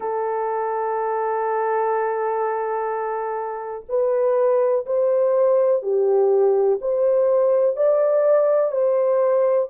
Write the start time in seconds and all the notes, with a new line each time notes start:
0.00 A4
3.88 B4
4.86 C5
5.82 G4
6.80 C5
7.76 D5
8.71 C5